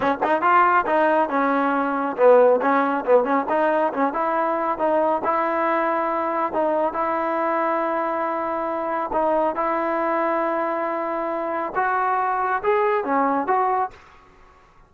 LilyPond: \new Staff \with { instrumentName = "trombone" } { \time 4/4 \tempo 4 = 138 cis'8 dis'8 f'4 dis'4 cis'4~ | cis'4 b4 cis'4 b8 cis'8 | dis'4 cis'8 e'4. dis'4 | e'2. dis'4 |
e'1~ | e'4 dis'4 e'2~ | e'2. fis'4~ | fis'4 gis'4 cis'4 fis'4 | }